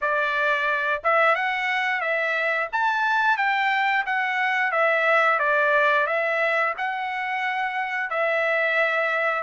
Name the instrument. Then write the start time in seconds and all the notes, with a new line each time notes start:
trumpet
0.01 D5
1.03 E5
1.35 F#5
2.00 E5
2.72 A5
3.37 G5
4.06 F#5
4.71 E5
5.39 D5
6.06 E5
6.78 F#5
8.09 E5